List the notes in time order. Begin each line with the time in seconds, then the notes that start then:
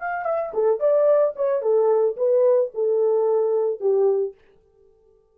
0.00 F5
0.25 E5
0.54 A4
0.80 D5
1.36 C#5
1.62 A4
2.17 B4
2.75 A4
3.81 G4